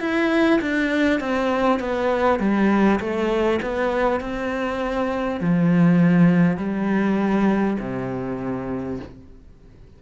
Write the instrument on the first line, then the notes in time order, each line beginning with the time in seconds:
cello
0.00 E4
0.61 D4
1.19 C4
1.79 B3
2.39 G3
3.00 A3
3.62 B3
4.20 C4
5.40 F3
6.57 G3
7.79 C3